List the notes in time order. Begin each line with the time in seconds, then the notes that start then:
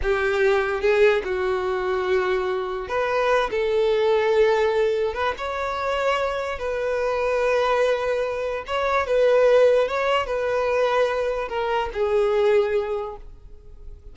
0.02 G4
0.80 G#4
1.24 F#4
2.88 B4
3.50 A4
5.14 B4
5.37 C#5
6.58 B4
8.66 C#5
9.07 B4
9.88 C#5
10.26 B4
11.48 A#4
11.93 G#4